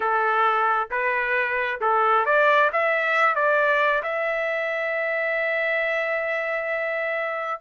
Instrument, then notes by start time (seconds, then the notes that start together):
trumpet
0.00 A4
0.91 B4
1.81 A4
2.25 D5
2.72 E5
3.35 D5
4.02 E5